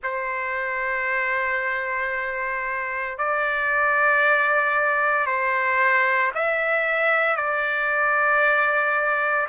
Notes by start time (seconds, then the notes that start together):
0.02 C5
3.18 D5
5.26 C5
6.34 E5
7.36 D5